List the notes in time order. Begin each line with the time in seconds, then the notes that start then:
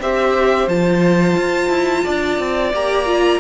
0.00 C4 G4 C5 E5
0.68 F3 F4 A5
1.37 F4
1.69 E4
2.04 D4 D5
2.39 C4
2.73 A#3 G4 A#5
3.06 F4